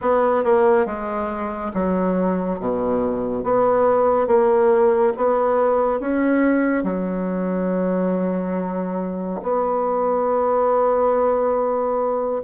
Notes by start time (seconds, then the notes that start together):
0.01 B3
0.44 A#3
0.86 G#3
1.73 F#3
2.59 B2
3.43 B3
4.27 A#3
5.16 B3
6.00 C#4
6.83 F#3
9.42 B3